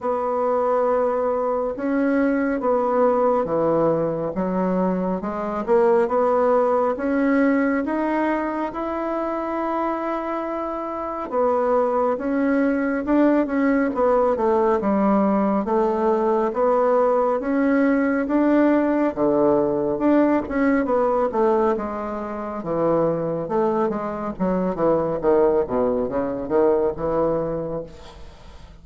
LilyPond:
\new Staff \with { instrumentName = "bassoon" } { \time 4/4 \tempo 4 = 69 b2 cis'4 b4 | e4 fis4 gis8 ais8 b4 | cis'4 dis'4 e'2~ | e'4 b4 cis'4 d'8 cis'8 |
b8 a8 g4 a4 b4 | cis'4 d'4 d4 d'8 cis'8 | b8 a8 gis4 e4 a8 gis8 | fis8 e8 dis8 b,8 cis8 dis8 e4 | }